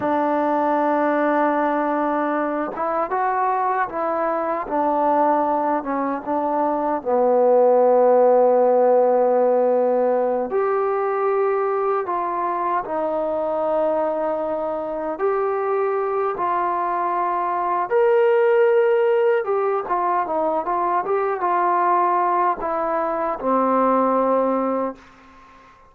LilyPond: \new Staff \with { instrumentName = "trombone" } { \time 4/4 \tempo 4 = 77 d'2.~ d'8 e'8 | fis'4 e'4 d'4. cis'8 | d'4 b2.~ | b4. g'2 f'8~ |
f'8 dis'2. g'8~ | g'4 f'2 ais'4~ | ais'4 g'8 f'8 dis'8 f'8 g'8 f'8~ | f'4 e'4 c'2 | }